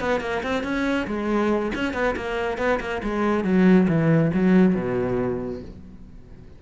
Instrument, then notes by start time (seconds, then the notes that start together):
cello
0.00 B3
0.20 A#3
0.43 C4
0.63 C#4
1.07 G#3
1.75 C#4
1.93 B3
2.16 A#3
2.58 B3
2.80 A#3
3.03 G#3
3.44 F#3
3.88 E3
4.34 F#3
4.75 B2